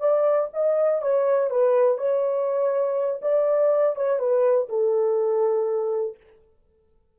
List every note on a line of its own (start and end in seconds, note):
0.00 0.49 D5
0.53 1.02 D#5
1.02 1.51 C#5
1.51 1.98 B4
1.98 3.21 C#5
3.22 3.96 D5
3.96 4.19 C#5
4.19 4.69 B4
4.69 6.17 A4